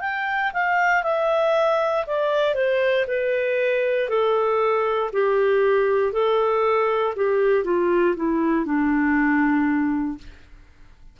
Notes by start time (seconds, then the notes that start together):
0.00 G5
0.53 F5
1.03 E5
2.06 D5
2.54 C5
3.07 B4
4.09 A4
5.12 G4
6.12 A4
7.16 G4
7.64 F4
8.16 E4
8.65 D4